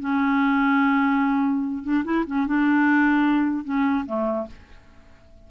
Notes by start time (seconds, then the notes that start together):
0.00 C#4
1.83 D4
2.04 E4
2.26 C#4
2.47 D4
3.64 C#4
4.06 A3